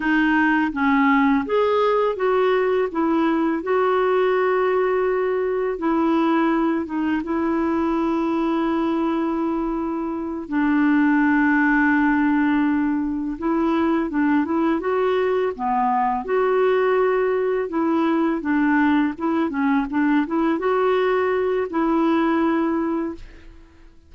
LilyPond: \new Staff \with { instrumentName = "clarinet" } { \time 4/4 \tempo 4 = 83 dis'4 cis'4 gis'4 fis'4 | e'4 fis'2. | e'4. dis'8 e'2~ | e'2~ e'8 d'4.~ |
d'2~ d'8 e'4 d'8 | e'8 fis'4 b4 fis'4.~ | fis'8 e'4 d'4 e'8 cis'8 d'8 | e'8 fis'4. e'2 | }